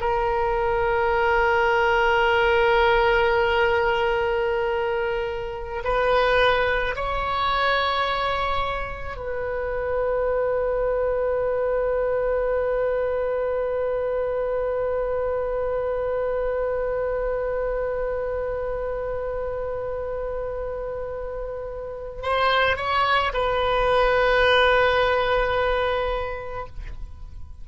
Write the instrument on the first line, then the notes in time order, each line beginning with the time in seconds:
oboe
0.00 A#4
5.84 B4
6.95 C#5
9.17 B4
22.22 C5
22.76 C#5
23.33 B4